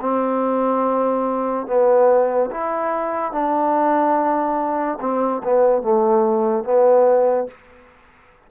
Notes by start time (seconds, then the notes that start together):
0.00 C4
1.66 B3
2.51 E4
3.32 D4
5.00 C4
5.43 B3
5.82 A3
6.64 B3